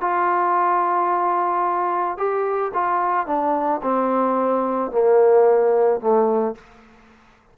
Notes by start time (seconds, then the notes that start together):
0.00 F4
2.17 G4
2.73 F4
3.26 D4
3.82 C4
4.91 A#3
6.00 A3